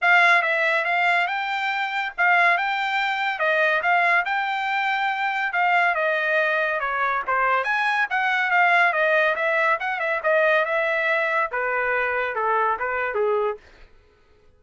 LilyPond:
\new Staff \with { instrumentName = "trumpet" } { \time 4/4 \tempo 4 = 141 f''4 e''4 f''4 g''4~ | g''4 f''4 g''2 | dis''4 f''4 g''2~ | g''4 f''4 dis''2 |
cis''4 c''4 gis''4 fis''4 | f''4 dis''4 e''4 fis''8 e''8 | dis''4 e''2 b'4~ | b'4 a'4 b'4 gis'4 | }